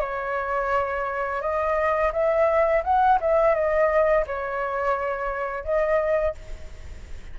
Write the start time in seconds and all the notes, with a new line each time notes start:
0.00 C#5
1.41 D#5
2.12 E5
2.84 F#5
3.20 E5
3.54 D#5
4.26 C#5
5.64 D#5